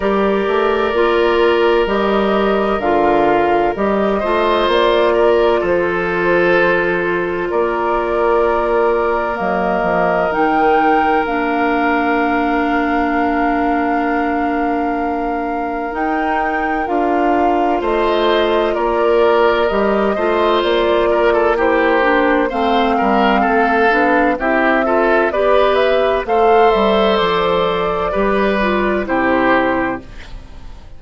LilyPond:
<<
  \new Staff \with { instrumentName = "flute" } { \time 4/4 \tempo 4 = 64 d''2 dis''4 f''4 | dis''4 d''4 c''2 | d''2 dis''4 g''4 | f''1~ |
f''4 g''4 f''4 dis''4 | d''4 dis''4 d''4 c''4 | f''2 e''4 d''8 e''8 | f''8 e''8 d''2 c''4 | }
  \new Staff \with { instrumentName = "oboe" } { \time 4/4 ais'1~ | ais'8 c''4 ais'8 a'2 | ais'1~ | ais'1~ |
ais'2. c''4 | ais'4. c''4 ais'16 a'16 g'4 | c''8 ais'8 a'4 g'8 a'8 b'4 | c''2 b'4 g'4 | }
  \new Staff \with { instrumentName = "clarinet" } { \time 4/4 g'4 f'4 g'4 f'4 | g'8 f'2.~ f'8~ | f'2 ais4 dis'4 | d'1~ |
d'4 dis'4 f'2~ | f'4 g'8 f'4. e'8 d'8 | c'4. d'8 e'8 f'8 g'4 | a'2 g'8 f'8 e'4 | }
  \new Staff \with { instrumentName = "bassoon" } { \time 4/4 g8 a8 ais4 g4 d4 | g8 a8 ais4 f2 | ais2 fis8 f8 dis4 | ais1~ |
ais4 dis'4 d'4 a4 | ais4 g8 a8 ais2 | a8 g8 a8 b8 c'4 b4 | a8 g8 f4 g4 c4 | }
>>